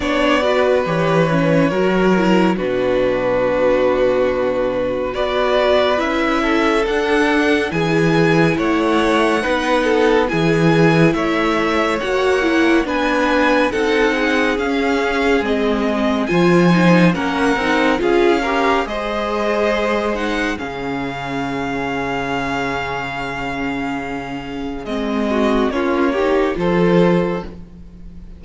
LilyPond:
<<
  \new Staff \with { instrumentName = "violin" } { \time 4/4 \tempo 4 = 70 d''4 cis''2 b'4~ | b'2 d''4 e''4 | fis''4 gis''4 fis''2 | gis''4 e''4 fis''4 gis''4 |
fis''4 f''4 dis''4 gis''4 | fis''4 f''4 dis''4. fis''8 | f''1~ | f''4 dis''4 cis''4 c''4 | }
  \new Staff \with { instrumentName = "violin" } { \time 4/4 cis''8 b'4. ais'4 fis'4~ | fis'2 b'4. a'8~ | a'4 gis'4 cis''4 b'8 a'8 | gis'4 cis''2 b'4 |
a'8 gis'2~ gis'8 c''4 | ais'4 gis'8 ais'8 c''2 | gis'1~ | gis'4. fis'8 f'8 g'8 a'4 | }
  \new Staff \with { instrumentName = "viola" } { \time 4/4 d'8 fis'8 g'8 cis'8 fis'8 e'8 d'4~ | d'2 fis'4 e'4 | d'4 e'2 dis'4 | e'2 fis'8 e'8 d'4 |
dis'4 cis'4 c'4 f'8 dis'8 | cis'8 dis'8 f'8 g'8 gis'4. dis'8 | cis'1~ | cis'4 c'4 cis'8 dis'8 f'4 | }
  \new Staff \with { instrumentName = "cello" } { \time 4/4 b4 e4 fis4 b,4~ | b,2 b4 cis'4 | d'4 e4 a4 b4 | e4 a4 ais4 b4 |
c'4 cis'4 gis4 f4 | ais8 c'8 cis'4 gis2 | cis1~ | cis4 gis4 ais4 f4 | }
>>